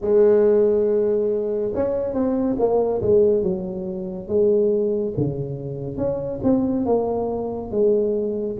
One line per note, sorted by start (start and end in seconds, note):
0.01 1.72 G#3
1.74 2.13 C#4
2.13 2.56 C4
2.58 3.01 A#3
3.02 3.42 G#3
3.42 4.27 F#3
4.27 5.13 G#3
5.17 5.97 C#3
5.97 6.40 C#4
6.43 6.85 C4
6.85 7.71 A#3
7.71 8.56 G#3